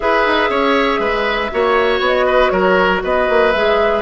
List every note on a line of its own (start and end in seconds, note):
0.00 0.26 E4
0.00 1.50 G#4
0.00 0.50 B4
0.00 2.00 E5
0.26 0.49 D#4
0.49 0.99 C#4
0.49 1.00 C#5
0.99 1.49 G#3
0.99 1.51 B4
1.51 2.00 A#3
1.51 3.53 F#4
1.51 2.26 C#5
2.00 2.50 B3
2.00 2.49 D#5
2.26 2.51 B4
2.49 3.02 F#3
2.49 3.02 A#4
2.49 3.00 C#5
3.03 3.28 B3
3.03 4.02 B4
3.03 3.52 D#5
3.29 3.54 A#3
3.52 4.02 G#3
3.52 4.02 G#4
3.52 4.02 E5